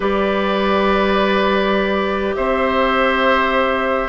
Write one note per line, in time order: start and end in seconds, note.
0.00 2.34 G3
0.00 4.08 G4
0.00 2.35 B4
0.00 2.34 D5
2.34 4.08 C4
2.34 4.08 C5
2.34 4.08 E5